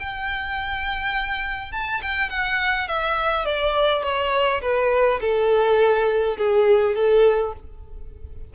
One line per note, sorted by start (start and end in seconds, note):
0.00 1.72 G5
1.72 2.02 A5
2.03 2.30 G5
2.30 2.88 F#5
2.89 3.46 E5
3.46 4.03 D5
4.03 4.62 C#5
4.62 5.20 B4
5.21 6.38 A4
6.38 6.95 G#4
6.95 7.54 A4